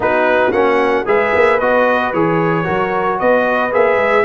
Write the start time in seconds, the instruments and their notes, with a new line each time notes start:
0.00 tuba B3, trombone D#4, horn F#4, trumpet B4
0.52 tuba A#3, trombone C#4, trumpet F#5
1.05 tuba G#3, trombone G#4, horn B4, trumpet E5
1.34 tuba A#3
1.59 tuba B3, trombone F#4, trumpet D#5
2.13 tuba E3, trombone G#4, trumpet C#5
2.64 tuba F#3, trombone F#4, horn A#4
3.19 tuba B3, horn B4, trumpet D#5
3.72 tuba A#3, trombone G#4, trumpet E5
3.96 tuba G#3